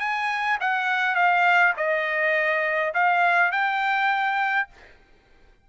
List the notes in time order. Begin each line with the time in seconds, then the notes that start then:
0.00 G#5
0.61 F#5
1.15 F5
1.77 D#5
2.94 F5
3.52 G5